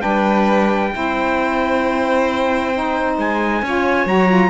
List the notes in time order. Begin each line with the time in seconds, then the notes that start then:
0.00 G3 D4 B4 G5
0.92 C4 E4 C5
2.74 D#4
3.18 G#3 G#5
3.63 C#4 F4 C#5
4.06 F#3 F#4 A#5
4.29 F4